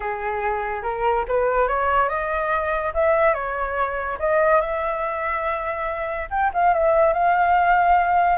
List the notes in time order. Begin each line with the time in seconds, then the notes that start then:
0.00 G#4
0.83 A#4
1.28 B4
1.67 C#5
2.08 D#5
2.94 E5
3.34 C#5
4.19 D#5
4.60 E5
6.30 G5
6.53 F5
6.73 E5
7.13 F5